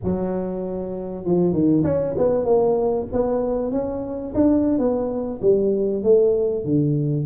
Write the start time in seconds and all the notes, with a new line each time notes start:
0.03 F#3
1.24 F3
1.52 D#3
1.84 C#4
2.17 B3
2.44 A#3
3.12 B3
3.71 C#4
4.34 D4
4.78 B3
5.41 G3
6.03 A3
6.65 D3